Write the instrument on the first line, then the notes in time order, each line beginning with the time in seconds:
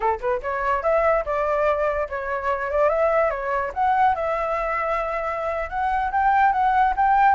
flute
0.00 A4
0.20 B4
0.42 C#5
0.83 E5
1.25 D5
2.09 C#5
2.70 D5
2.89 E5
3.30 C#5
3.74 F#5
4.15 E5
5.69 F#5
6.11 G5
6.52 F#5
6.96 G5